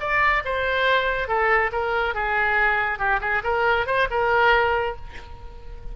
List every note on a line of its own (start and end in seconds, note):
0.00 0.43 D5
0.45 1.28 C5
1.28 1.71 A4
1.72 2.15 A#4
2.15 2.99 G#4
2.99 3.20 G4
3.21 3.42 G#4
3.44 3.87 A#4
3.87 4.08 C5
4.11 4.96 A#4